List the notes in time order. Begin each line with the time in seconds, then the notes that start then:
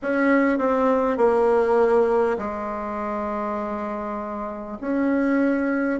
0.02 C#4
0.58 C4
1.17 A#3
2.37 G#3
4.80 C#4